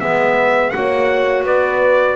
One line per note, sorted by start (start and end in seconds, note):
0.00 0.73 G#3
0.00 0.72 B3
0.00 0.74 B4
0.00 0.70 E5
0.70 1.43 A#3
0.70 2.16 F#4
0.70 1.45 C#5
0.70 1.42 F#5
1.43 2.16 B3
1.43 2.16 B4
1.43 2.16 D5